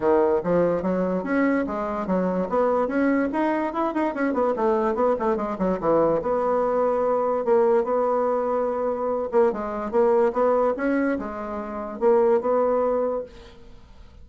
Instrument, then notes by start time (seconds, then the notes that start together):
bassoon
0.00 D#3
0.43 F3
0.82 F#3
1.23 C#4
1.66 G#3
2.06 F#3
2.49 B3
2.87 C#4
3.32 D#4
3.73 E4
3.94 D#4
4.14 C#4
4.33 B3
4.56 A3
4.94 B3
5.19 A3
5.36 G#3
5.58 F#3
5.80 E3
6.21 B3
7.44 A#3
7.84 B3
9.31 A#3
9.52 G#3
9.91 A#3
10.32 B3
10.77 C#4
11.18 G#3
11.99 A#3
12.40 B3